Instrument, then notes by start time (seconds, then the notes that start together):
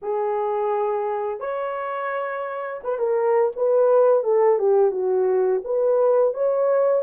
horn
0.02 G#4
1.39 C#5
2.83 B4
2.98 A#4
3.56 B4
4.23 A4
4.59 G4
4.91 F#4
5.64 B4
6.33 C#5